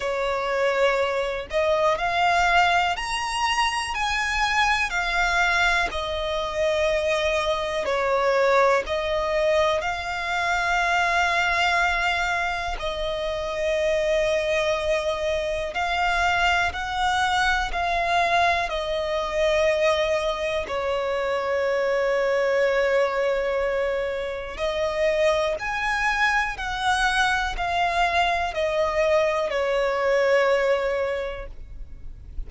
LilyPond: \new Staff \with { instrumentName = "violin" } { \time 4/4 \tempo 4 = 61 cis''4. dis''8 f''4 ais''4 | gis''4 f''4 dis''2 | cis''4 dis''4 f''2~ | f''4 dis''2. |
f''4 fis''4 f''4 dis''4~ | dis''4 cis''2.~ | cis''4 dis''4 gis''4 fis''4 | f''4 dis''4 cis''2 | }